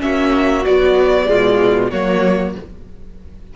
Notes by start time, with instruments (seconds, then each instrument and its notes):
0.00 cello A#3, viola C#4, violin F#4 E5
0.65 viola F#3, cello B3, violin D5
1.26 cello B2, viola G#3, violin F4
1.91 cello F#3, viola A#3, violin F#4 C#5